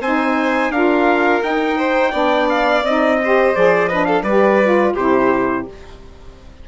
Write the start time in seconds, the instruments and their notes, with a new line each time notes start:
0.00 bassoon C4, saxophone D#4, violin C5, trumpet G#5
0.69 bassoon D4, saxophone F4, violin A#4, trumpet F5
1.42 saxophone D#4, bassoon D#4, trumpet G5
1.77 violin C5
2.11 bassoon B3, saxophone D4, violin D5
2.49 trumpet F5
2.83 bassoon C4, saxophone D#4, trumpet D#5
3.23 saxophone G4, violin C5
3.54 bassoon F3, saxophone G#4, trumpet D5
3.88 saxophone D4, violin B4, trumpet D#5
4.05 violin A4, trumpet F5
4.22 bassoon G3, saxophone G4, violin B4, trumpet D5
4.63 saxophone F4
4.93 bassoon C3, saxophone E4, violin G4, trumpet C5